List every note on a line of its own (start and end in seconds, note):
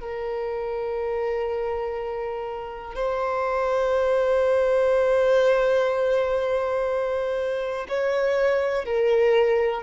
0.00 2.95 A#4
2.95 7.87 C5
7.89 8.85 C#5
8.85 9.83 A#4